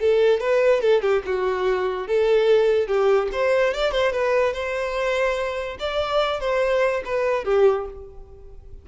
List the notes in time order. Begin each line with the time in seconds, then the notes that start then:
0.00 A4
0.40 B4
0.81 A4
1.02 G4
1.26 F#4
2.07 A4
2.87 G4
3.33 C5
3.74 D5
3.92 C5
4.12 B4
4.53 C5
5.79 D5
6.40 C5
7.05 B4
7.45 G4